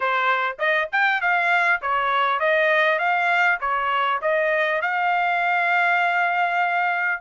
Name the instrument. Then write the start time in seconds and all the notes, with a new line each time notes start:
trumpet
0.00 C5
0.58 D#5
0.92 G5
1.21 F5
1.81 C#5
2.39 D#5
2.98 F5
3.60 C#5
4.21 D#5
4.81 F5